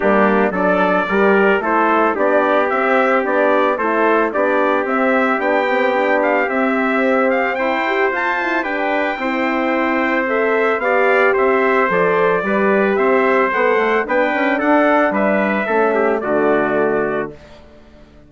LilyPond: <<
  \new Staff \with { instrumentName = "trumpet" } { \time 4/4 \tempo 4 = 111 g'4 d''2 c''4 | d''4 e''4 d''4 c''4 | d''4 e''4 g''4. f''8 | e''4. f''8 g''4 a''4 |
g''2. e''4 | f''4 e''4 d''2 | e''4 fis''4 g''4 fis''4 | e''2 d''2 | }
  \new Staff \with { instrumentName = "trumpet" } { \time 4/4 d'4 a'4 ais'4 a'4 | g'2. a'4 | g'1~ | g'2 c''2 |
b'4 c''2. | d''4 c''2 b'4 | c''2 b'4 a'4 | b'4 a'8 g'8 fis'2 | }
  \new Staff \with { instrumentName = "horn" } { \time 4/4 ais4 d'4 g'4 e'4 | d'4 c'4 d'4 e'4 | d'4 c'4 d'8 c'8 d'4 | c'2~ c'8 g'8 f'8 e'8 |
d'4 e'2 a'4 | g'2 a'4 g'4~ | g'4 a'4 d'2~ | d'4 cis'4 a2 | }
  \new Staff \with { instrumentName = "bassoon" } { \time 4/4 g4 fis4 g4 a4 | b4 c'4 b4 a4 | b4 c'4 b2 | c'2 e'4 f'4 |
g'4 c'2. | b4 c'4 f4 g4 | c'4 b8 a8 b8 cis'8 d'4 | g4 a4 d2 | }
>>